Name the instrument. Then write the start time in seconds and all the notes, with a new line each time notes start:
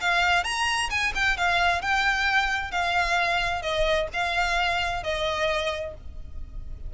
violin
0.00 F5
0.44 A#5
0.90 G#5
1.14 G5
1.37 F5
1.81 G5
2.71 F5
3.62 D#5
4.13 F5
5.03 D#5